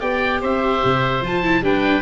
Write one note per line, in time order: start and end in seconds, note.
0.00 0.43 B3
0.00 1.22 G4
0.00 0.40 D5
0.00 0.41 G5
0.41 0.83 C4
0.41 1.62 C5
0.41 1.24 E5
0.84 1.22 C3
1.22 1.62 F3
1.22 1.44 F4
1.22 1.65 A5
1.44 1.64 E4
1.62 2.02 G3
1.62 2.03 D4
1.62 2.03 B4
1.62 2.03 G5